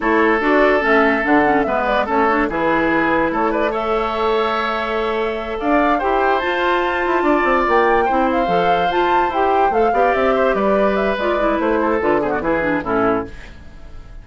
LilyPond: <<
  \new Staff \with { instrumentName = "flute" } { \time 4/4 \tempo 4 = 145 cis''4 d''4 e''4 fis''4 | e''8 d''8 cis''4 b'2 | cis''8 d''8 e''2.~ | e''4. f''4 g''4 a''8~ |
a''2~ a''8 g''4. | f''4. a''4 g''4 f''8~ | f''8 e''4 d''4 e''8 d''4 | c''4 b'8 c''16 d''16 b'4 a'4 | }
  \new Staff \with { instrumentName = "oboe" } { \time 4/4 a'1 | b'4 a'4 gis'2 | a'8 b'8 cis''2.~ | cis''4. d''4 c''4.~ |
c''4. d''2 c''8~ | c''1 | d''4 c''8 b'2~ b'8~ | b'8 a'4 gis'16 fis'16 gis'4 e'4 | }
  \new Staff \with { instrumentName = "clarinet" } { \time 4/4 e'4 fis'4 cis'4 d'8 cis'8 | b4 cis'8 d'8 e'2~ | e'4 a'2.~ | a'2~ a'8 g'4 f'8~ |
f'2.~ f'8 e'8~ | e'8 a'4 f'4 g'4 a'8 | g'2. f'8 e'8~ | e'4 f'8 b8 e'8 d'8 cis'4 | }
  \new Staff \with { instrumentName = "bassoon" } { \time 4/4 a4 d'4 a4 d4 | gis4 a4 e2 | a1~ | a4. d'4 e'4 f'8~ |
f'4 e'8 d'8 c'8 ais4 c'8~ | c'8 f4 f'4 e'4 a8 | b8 c'4 g4. gis4 | a4 d4 e4 a,4 | }
>>